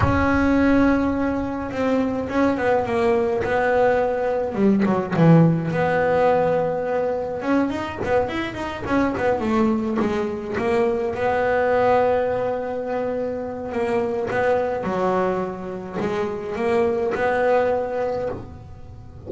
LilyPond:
\new Staff \with { instrumentName = "double bass" } { \time 4/4 \tempo 4 = 105 cis'2. c'4 | cis'8 b8 ais4 b2 | g8 fis8 e4 b2~ | b4 cis'8 dis'8 b8 e'8 dis'8 cis'8 |
b8 a4 gis4 ais4 b8~ | b1 | ais4 b4 fis2 | gis4 ais4 b2 | }